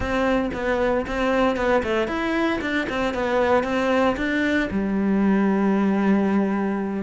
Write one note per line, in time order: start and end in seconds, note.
0.00 0.50 C4
0.53 1.06 B3
1.06 1.56 C4
1.56 1.82 B3
1.83 2.07 A3
2.07 2.59 E4
2.61 2.87 D4
2.89 3.14 C4
3.14 3.63 B3
3.63 4.15 C4
4.16 4.69 D4
4.70 7.03 G3